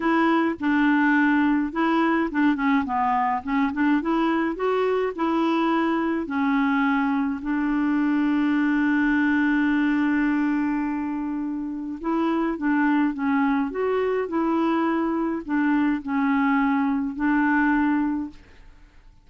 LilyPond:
\new Staff \with { instrumentName = "clarinet" } { \time 4/4 \tempo 4 = 105 e'4 d'2 e'4 | d'8 cis'8 b4 cis'8 d'8 e'4 | fis'4 e'2 cis'4~ | cis'4 d'2.~ |
d'1~ | d'4 e'4 d'4 cis'4 | fis'4 e'2 d'4 | cis'2 d'2 | }